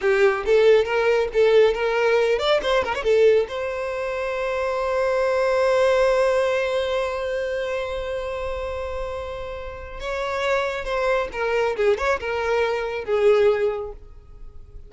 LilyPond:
\new Staff \with { instrumentName = "violin" } { \time 4/4 \tempo 4 = 138 g'4 a'4 ais'4 a'4 | ais'4. d''8 c''8 ais'16 cis''16 a'4 | c''1~ | c''1~ |
c''1~ | c''2. cis''4~ | cis''4 c''4 ais'4 gis'8 cis''8 | ais'2 gis'2 | }